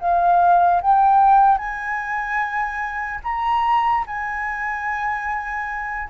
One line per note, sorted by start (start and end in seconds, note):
0.00 0.81 F5
0.81 1.58 G5
1.58 3.20 G#5
3.24 4.05 A#5
4.07 6.09 G#5